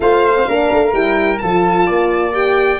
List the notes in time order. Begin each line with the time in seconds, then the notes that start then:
0.00 A3 F4 C5 F5
0.35 C4
0.48 A#3 D4 A#4
0.72 A3
0.92 G3 E4 G5
1.38 F3 F4 A4 A5
1.86 A#3 D5
2.32 G4 G5